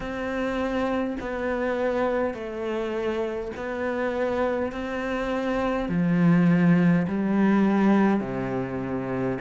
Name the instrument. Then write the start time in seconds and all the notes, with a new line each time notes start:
cello
0.00 C4
1.20 B3
2.34 A3
3.56 B3
4.72 C4
5.88 F3
7.07 G3
8.20 C3